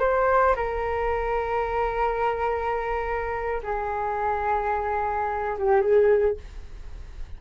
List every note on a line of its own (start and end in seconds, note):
0.00 0.56 C5
0.56 3.61 A#4
3.64 5.58 G#4
5.58 5.82 G4
5.82 6.37 G#4